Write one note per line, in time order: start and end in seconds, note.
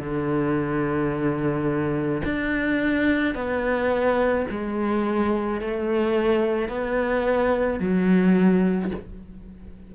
0.00 2.22 D3
2.25 3.35 D4
3.35 4.46 B3
4.51 5.61 G#3
5.61 6.69 A3
6.69 7.80 B3
7.80 8.91 F#3